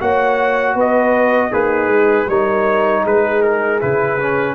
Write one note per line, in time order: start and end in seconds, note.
0.00 0.75 A#3
0.00 1.51 F#4
0.00 0.74 C#5
0.00 0.77 F#5
0.74 1.50 B3
0.74 1.50 B4
0.80 1.53 D#5
1.51 1.87 A#3
1.51 2.27 D#4
1.51 2.27 G#4
1.51 2.29 B4
1.87 2.25 G#3
2.28 3.04 G3
2.28 3.80 D#4
2.28 3.03 A#4
2.28 3.05 C#5
3.03 3.81 G#3
3.03 4.55 G#4
3.03 3.42 B4
3.42 3.80 A#4
3.80 4.55 C#3
3.80 4.18 E4
3.80 4.55 B4
4.19 4.55 C#4